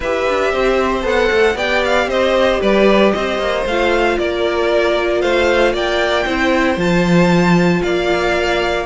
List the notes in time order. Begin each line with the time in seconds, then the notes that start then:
0.00 E4 G4 B4 E5
0.28 D4
0.51 C4 C5
1.02 B3 A4 F#5
1.31 A3
1.55 B3 G4 D5 G5
1.84 F5
2.07 C4 C5 D#5
2.60 G3 B4 D5
3.11 C4 C5 D#5
3.38 A#3
3.65 A3 F4 F5
4.18 A#3 A#4 D5
5.21 A3 C5 F5
5.72 A#3 D5 G5
6.25 C4 E4 C5
6.77 F3 F4 A5
7.82 A#3 D5 F5